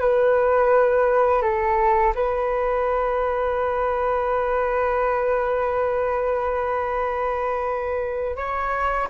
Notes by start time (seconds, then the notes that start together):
0.00 B4
1.42 A4
2.15 B4
8.36 C#5